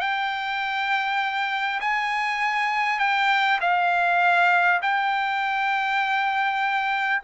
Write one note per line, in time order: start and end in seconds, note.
0.00 1.80 G5
1.80 2.99 G#5
2.99 3.59 G5
3.61 4.81 F5
4.82 7.22 G5